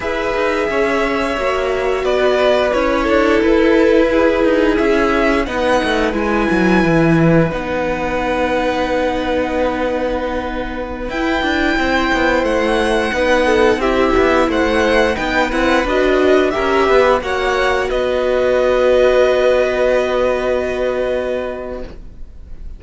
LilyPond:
<<
  \new Staff \with { instrumentName = "violin" } { \time 4/4 \tempo 4 = 88 e''2. d''4 | cis''4 b'2 e''4 | fis''4 gis''2 fis''4~ | fis''1~ |
fis''16 g''2 fis''4.~ fis''16~ | fis''16 e''4 fis''4 g''8 fis''8 dis''8.~ | dis''16 e''4 fis''4 dis''4.~ dis''16~ | dis''1 | }
  \new Staff \with { instrumentName = "violin" } { \time 4/4 b'4 cis''2 b'4~ | b'8 a'4. gis'2 | b'1~ | b'1~ |
b'4~ b'16 c''2 b'8 a'16~ | a'16 g'4 c''4 b'4.~ b'16~ | b'16 ais'8 b'8 cis''4 b'4.~ b'16~ | b'1 | }
  \new Staff \with { instrumentName = "viola" } { \time 4/4 gis'2 fis'2 | e'1 | dis'4 e'2 dis'4~ | dis'1~ |
dis'16 e'2. dis'8.~ | dis'16 e'2 dis'8 e'8 fis'8.~ | fis'16 g'4 fis'2~ fis'8.~ | fis'1 | }
  \new Staff \with { instrumentName = "cello" } { \time 4/4 e'8 dis'8 cis'4 ais4 b4 | cis'8 d'8 e'4. dis'8 cis'4 | b8 a8 gis8 fis8 e4 b4~ | b1~ |
b16 e'8 d'8 c'8 b8 a4 b8.~ | b16 c'8 b8 a4 b8 c'8 d'8.~ | d'16 cis'8 b8 ais4 b4.~ b16~ | b1 | }
>>